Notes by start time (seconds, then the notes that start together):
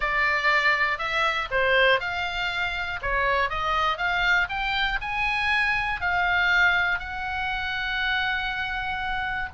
0.00 D5
0.98 E5
1.50 C5
2.00 F5
3.02 C#5
3.49 D#5
3.97 F5
4.49 G5
5.01 G#5
6.00 F5
6.99 F#5